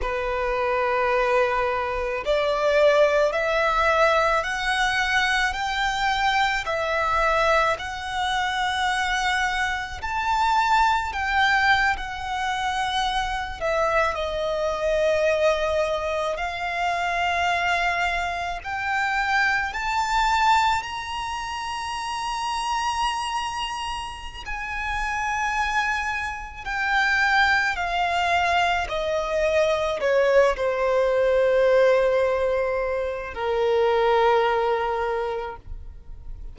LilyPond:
\new Staff \with { instrumentName = "violin" } { \time 4/4 \tempo 4 = 54 b'2 d''4 e''4 | fis''4 g''4 e''4 fis''4~ | fis''4 a''4 g''8. fis''4~ fis''16~ | fis''16 e''8 dis''2 f''4~ f''16~ |
f''8. g''4 a''4 ais''4~ ais''16~ | ais''2 gis''2 | g''4 f''4 dis''4 cis''8 c''8~ | c''2 ais'2 | }